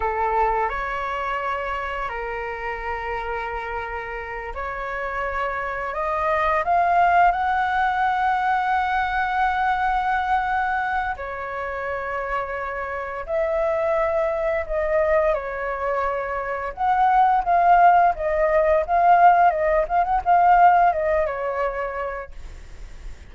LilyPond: \new Staff \with { instrumentName = "flute" } { \time 4/4 \tempo 4 = 86 a'4 cis''2 ais'4~ | ais'2~ ais'8 cis''4.~ | cis''8 dis''4 f''4 fis''4.~ | fis''1 |
cis''2. e''4~ | e''4 dis''4 cis''2 | fis''4 f''4 dis''4 f''4 | dis''8 f''16 fis''16 f''4 dis''8 cis''4. | }